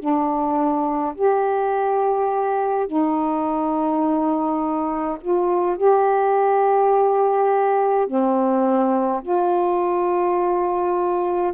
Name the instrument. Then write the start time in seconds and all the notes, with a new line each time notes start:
saxophone
0.00 D4
1.15 G4
2.87 D#4
5.21 F4
5.77 G4
8.08 C4
9.23 F4